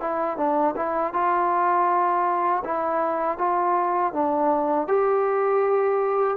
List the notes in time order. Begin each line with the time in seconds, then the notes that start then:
0.00 E4
0.37 D4
0.75 E4
1.13 F4
2.64 E4
3.38 F4
4.13 D4
4.87 G4